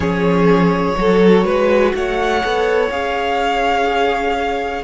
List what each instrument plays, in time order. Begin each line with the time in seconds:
0.00 cello F3, viola C#4, violin G#4 C#5
0.97 cello F#3, viola F#4, violin A4
1.44 cello G#3, violin B4
1.94 cello A3, violin C#5 F#5
2.41 cello B3, viola A4
2.89 cello C#4, viola G#4, violin F5